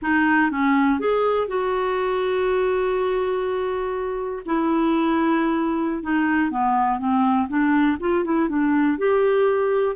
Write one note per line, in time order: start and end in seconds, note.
0.02 0.50 D#4
0.50 0.99 C#4
0.99 1.47 G#4
1.47 4.42 F#4
4.45 6.02 E4
6.02 6.51 D#4
6.51 6.98 B3
6.98 7.48 C4
7.48 7.97 D4
7.99 8.24 F4
8.24 8.48 E4
8.48 8.98 D4
8.98 9.96 G4